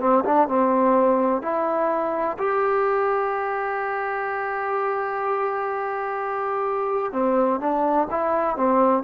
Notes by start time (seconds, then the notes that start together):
0.00 C4
0.25 D4
0.48 C4
1.42 E4
2.39 G4
7.12 C4
7.60 D4
8.10 E4
8.57 C4